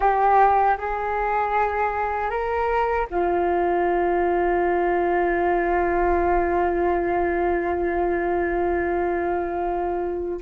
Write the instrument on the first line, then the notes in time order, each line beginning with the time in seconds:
flute
0.00 G4
0.77 G#4
2.30 A#4
3.10 F4